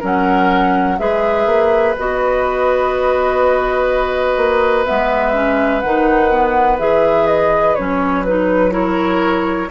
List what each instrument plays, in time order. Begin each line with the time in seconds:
0.00 bassoon F#3, clarinet C#4, oboe A#4, flute F#5
0.99 bassoon G#3, clarinet G#4, oboe B4, flute E5
1.46 bassoon A#3
1.99 bassoon B3, clarinet F#4, flute D#5
4.37 bassoon A#3
4.85 bassoon G#3, clarinet B3, flute E5
5.33 clarinet C#4
5.81 bassoon D#3, clarinet D#4, flute F#5
6.31 clarinet B3
6.79 bassoon E3, clarinet G#4, flute E5
7.27 flute D#5
7.75 bassoon F#3, clarinet C#4, flute C#5
8.25 clarinet D#4, flute B4
8.71 clarinet E4, oboe A#4, flute C#5